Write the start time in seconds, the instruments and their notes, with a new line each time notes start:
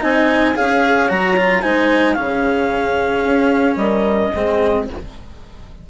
0.00 bassoon C4, cello D#4, horn D#5, clarinet G#5
0.55 bassoon C#4, cello G#4, horn C#5, clarinet F5
1.08 bassoon F#3, cello F#4, clarinet A#5
1.36 cello F4
1.61 bassoon G#3, cello D#4, horn C5, clarinet G#5
2.13 bassoon C#3, cello C#4, horn G#4, clarinet F5
3.24 bassoon C#4
3.76 bassoon G3, horn A#4, clarinet D#5
4.33 bassoon G#3, cello C4, horn G#4